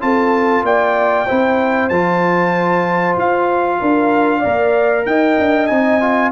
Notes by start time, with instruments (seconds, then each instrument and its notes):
0.00 tuba C4, trombone F4, horn A4, trumpet A5
0.62 tuba A#3, horn D5, trumpet G5
1.26 tuba C4, trombone E4, horn C5
1.89 tuba F3, trombone F4, trumpet A5
3.17 tuba F4, trumpet F5
3.80 tuba D4, horn A#4
4.39 trombone A#4, horn D5
4.45 tuba A#3
5.06 tuba D#4, horn D#5, trumpet G5
5.39 tuba D4
5.67 tuba C4, trombone D#4, trumpet G#5
6.00 trombone F4